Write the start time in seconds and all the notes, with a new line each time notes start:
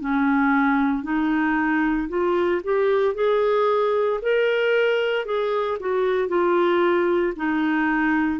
0.00 C#4
1.03 D#4
2.09 F4
2.64 G4
3.15 G#4
4.22 A#4
5.25 G#4
5.79 F#4
6.28 F4
7.36 D#4